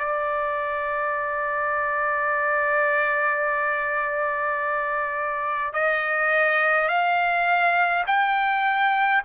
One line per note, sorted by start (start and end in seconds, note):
0.00 5.74 D5
5.74 6.89 D#5
6.89 8.05 F5
8.07 9.23 G5